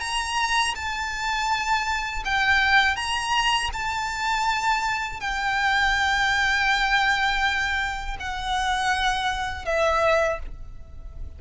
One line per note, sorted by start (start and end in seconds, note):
0.00 0.74 A#5
0.75 2.23 A5
2.25 2.96 G5
2.96 3.70 A#5
3.73 5.20 A5
5.20 8.16 G5
8.20 9.65 F#5
9.65 10.39 E5